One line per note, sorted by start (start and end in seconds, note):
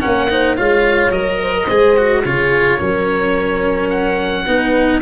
0.00 0.59 A#3
0.00 0.28 C#4
0.00 0.28 A#4
0.00 0.56 F#5
0.29 0.57 D#4
0.29 0.57 C5
0.56 1.11 G#3
0.56 1.11 F4
0.56 1.40 C#5
0.56 1.11 F5
1.11 1.66 F#3
1.11 1.67 A#4
1.11 2.23 D#5
1.41 1.54 C5
1.54 1.66 A#4
1.66 2.24 G#3
1.66 1.96 G#4
1.66 2.21 C5
1.96 2.24 F#4
2.24 2.80 C#3
2.24 2.79 F4
2.24 2.78 G#4
2.24 3.89 C#5
2.78 4.47 F#3
2.78 4.45 C#4
2.78 4.45 A#4
3.89 5.00 F#5
4.46 5.02 B3
4.46 5.02 D#4
4.46 5.01 B4